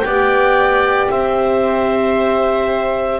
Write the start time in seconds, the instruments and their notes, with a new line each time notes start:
0.00 double bass B3, saxophone G4, viola D5, clarinet G5
1.10 double bass C4, viola C5, clarinet E5